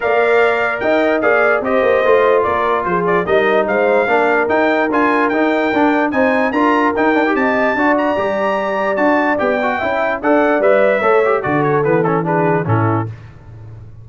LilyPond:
<<
  \new Staff \with { instrumentName = "trumpet" } { \time 4/4 \tempo 4 = 147 f''2 g''4 f''4 | dis''2 d''4 c''8 d''8 | dis''4 f''2 g''4 | gis''4 g''2 gis''4 |
ais''4 g''4 a''4. ais''8~ | ais''2 a''4 g''4~ | g''4 fis''4 e''2 | d''8 cis''8 b'8 a'8 b'4 a'4 | }
  \new Staff \with { instrumentName = "horn" } { \time 4/4 d''2 dis''4 d''4 | c''2 ais'4 gis'4 | ais'4 c''4 ais'2~ | ais'2. c''4 |
ais'2 dis''4 d''4~ | d''1 | e''4 d''2 cis''4 | a'2 gis'4 e'4 | }
  \new Staff \with { instrumentName = "trombone" } { \time 4/4 ais'2. gis'4 | g'4 f'2. | dis'2 d'4 dis'4 | f'4 dis'4 d'4 dis'4 |
f'4 dis'8 d'16 g'4~ g'16 fis'4 | g'2 fis'4 g'8 fis'8 | e'4 a'4 b'4 a'8 g'8 | fis'4 b8 cis'8 d'4 cis'4 | }
  \new Staff \with { instrumentName = "tuba" } { \time 4/4 ais2 dis'4 ais4 | c'8 ais8 a4 ais4 f4 | g4 gis4 ais4 dis'4 | d'4 dis'4 d'4 c'4 |
d'4 dis'4 c'4 d'4 | g2 d'4 b4 | cis'4 d'4 g4 a4 | d4 e2 a,4 | }
>>